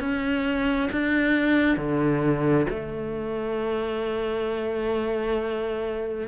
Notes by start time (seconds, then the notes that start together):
0.00 C#4
0.92 D4
1.77 D3
2.70 A3